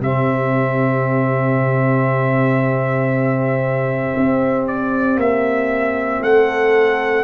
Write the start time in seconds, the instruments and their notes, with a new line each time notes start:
0.00 tuba C3, trombone C4, horn G4, trumpet E5
4.16 tuba C4
4.67 trumpet D5
5.16 tuba A#3, trumpet E5
6.21 tuba A3, horn A4, trumpet F#5